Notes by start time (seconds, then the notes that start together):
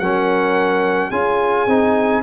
0.00 F#3 C#4 A#4 F#5
1.10 C#4 F4 G#4 G#5
1.67 C4 D#4